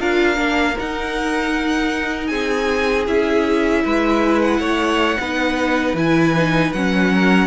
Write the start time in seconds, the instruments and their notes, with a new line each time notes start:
0.00 cello D4, viola F4, violin A#4 F5
0.36 cello A#3, viola D4
0.78 viola D#4, cello D#4, violin F#5
2.27 cello C4, violin G#4 G#5
3.06 cello C#4, viola E4, violin E5
3.84 cello G#3, violin B4
4.42 violin F#5
4.59 cello A3, violin C#5
5.20 cello B3, viola D#4, violin B4
5.94 cello E3, viola E4, violin G#5
6.36 viola D#4
6.73 cello F#3, viola C#4, violin F#5
7.15 violin A#4